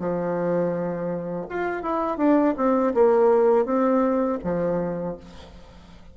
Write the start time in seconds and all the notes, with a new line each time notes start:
0.00 F3
1.50 F4
1.83 E4
2.18 D4
2.57 C4
2.94 A#3
3.66 C4
4.44 F3